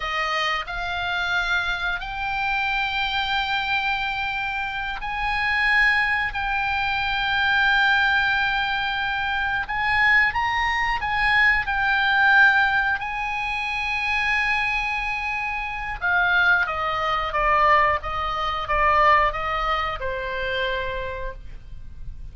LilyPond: \new Staff \with { instrumentName = "oboe" } { \time 4/4 \tempo 4 = 90 dis''4 f''2 g''4~ | g''2.~ g''8 gis''8~ | gis''4. g''2~ g''8~ | g''2~ g''8 gis''4 ais''8~ |
ais''8 gis''4 g''2 gis''8~ | gis''1 | f''4 dis''4 d''4 dis''4 | d''4 dis''4 c''2 | }